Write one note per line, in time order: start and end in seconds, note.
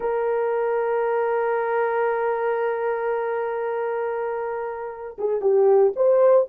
0.00 5.16 A#4
5.18 5.41 G#4
5.41 5.93 G4
5.96 6.47 C5